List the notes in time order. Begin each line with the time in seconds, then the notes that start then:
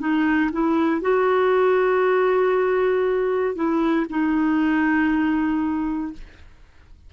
0.00 D#4
0.52 E4
1.02 F#4
3.55 E4
4.10 D#4